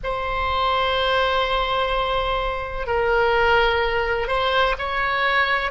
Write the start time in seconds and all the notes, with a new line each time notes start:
0.03 C5
2.87 A#4
4.27 C5
4.78 C#5